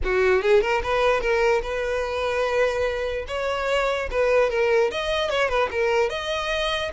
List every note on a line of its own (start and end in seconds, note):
0.04 0.42 F#4
0.42 0.61 G#4
0.61 0.82 A#4
0.83 1.20 B4
1.20 1.61 A#4
1.62 3.25 B4
3.27 4.09 C#5
4.10 4.50 B4
4.50 4.91 A#4
4.91 5.29 D#5
5.29 5.48 C#5
5.48 5.69 B4
5.71 6.09 A#4
6.09 6.91 D#5